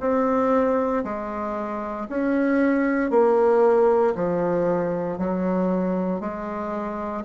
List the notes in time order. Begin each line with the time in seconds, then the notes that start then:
0.00 C4
1.04 G#3
2.09 C#4
3.10 A#3
4.15 F3
5.18 F#3
6.20 G#3